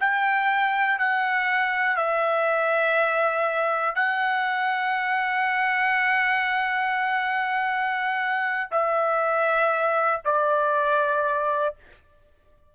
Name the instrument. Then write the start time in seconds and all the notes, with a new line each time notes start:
trumpet
0.00 G5
0.99 F#5
1.97 E5
3.95 F#5
8.72 E5
10.25 D5